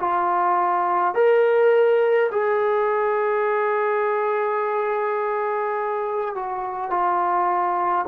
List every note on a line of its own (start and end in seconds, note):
0.00 1.15 F4
1.15 2.30 A#4
2.32 6.36 G#4
6.36 6.91 F#4
6.91 8.06 F4